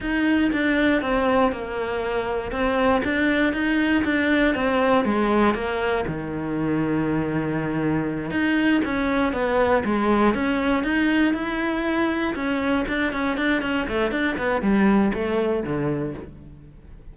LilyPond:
\new Staff \with { instrumentName = "cello" } { \time 4/4 \tempo 4 = 119 dis'4 d'4 c'4 ais4~ | ais4 c'4 d'4 dis'4 | d'4 c'4 gis4 ais4 | dis1~ |
dis8 dis'4 cis'4 b4 gis8~ | gis8 cis'4 dis'4 e'4.~ | e'8 cis'4 d'8 cis'8 d'8 cis'8 a8 | d'8 b8 g4 a4 d4 | }